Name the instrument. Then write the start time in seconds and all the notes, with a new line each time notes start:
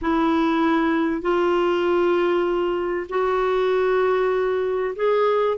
clarinet
0.01 E4
1.21 F4
3.09 F#4
4.95 G#4